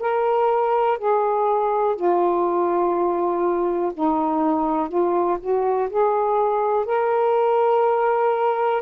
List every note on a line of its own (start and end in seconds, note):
0.00 0.98 A#4
0.99 1.96 G#4
1.96 3.93 F4
3.94 4.89 D#4
4.89 5.38 F4
5.41 5.90 F#4
5.90 6.86 G#4
6.86 8.83 A#4